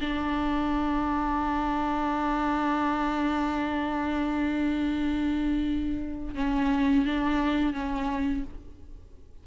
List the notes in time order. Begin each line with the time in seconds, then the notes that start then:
0.00 D4
6.34 C#4
7.05 D4
7.73 C#4